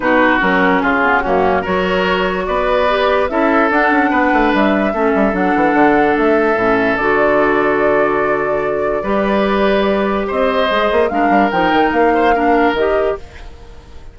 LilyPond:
<<
  \new Staff \with { instrumentName = "flute" } { \time 4/4 \tempo 4 = 146 b'4 ais'4 gis'4 fis'4 | cis''2 d''2 | e''4 fis''2 e''4~ | e''4 fis''2 e''4~ |
e''4 d''2.~ | d''1~ | d''4 dis''2 f''4 | g''4 f''2 dis''4 | }
  \new Staff \with { instrumentName = "oboe" } { \time 4/4 fis'2 f'4 cis'4 | ais'2 b'2 | a'2 b'2 | a'1~ |
a'1~ | a'2 b'2~ | b'4 c''2 ais'4~ | ais'4. c''8 ais'2 | }
  \new Staff \with { instrumentName = "clarinet" } { \time 4/4 dis'4 cis'4. b8 ais4 | fis'2. g'4 | e'4 d'2. | cis'4 d'2. |
cis'4 fis'2.~ | fis'2 g'2~ | g'2 gis'4 d'4 | dis'2 d'4 g'4 | }
  \new Staff \with { instrumentName = "bassoon" } { \time 4/4 b,4 fis4 cis4 fis,4 | fis2 b2 | cis'4 d'8 cis'8 b8 a8 g4 | a8 g8 fis8 e8 d4 a4 |
a,4 d2.~ | d2 g2~ | g4 c'4 gis8 ais8 gis8 g8 | f8 dis8 ais2 dis4 | }
>>